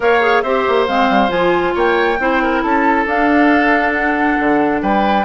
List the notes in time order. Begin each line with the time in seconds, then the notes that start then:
0.00 A#3 A#4 C#5 F5
0.21 G#4
0.42 C4 G4 C5 E5
0.68 A#3
0.86 G#3 C4 F5
1.09 G3
1.28 F3 F4 G#5
1.74 A#3 C#5 G5
2.19 C4 E4 C5
2.42 A#4
2.62 C#4 A4 A5
3.05 D4 F5
3.92 F#5
4.39 D3
4.82 G3 B4 G5